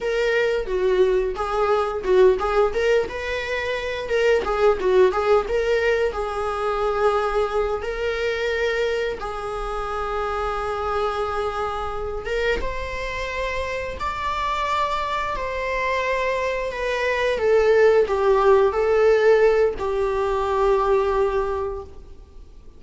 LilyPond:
\new Staff \with { instrumentName = "viola" } { \time 4/4 \tempo 4 = 88 ais'4 fis'4 gis'4 fis'8 gis'8 | ais'8 b'4. ais'8 gis'8 fis'8 gis'8 | ais'4 gis'2~ gis'8 ais'8~ | ais'4. gis'2~ gis'8~ |
gis'2 ais'8 c''4.~ | c''8 d''2 c''4.~ | c''8 b'4 a'4 g'4 a'8~ | a'4 g'2. | }